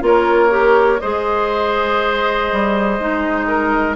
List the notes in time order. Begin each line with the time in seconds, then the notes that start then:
0.00 A#3 F4 A#4 C#5
0.50 G4
1.00 G#3 G#4 C5 D#5
2.52 G3
2.99 G#3 D#4
3.47 A#4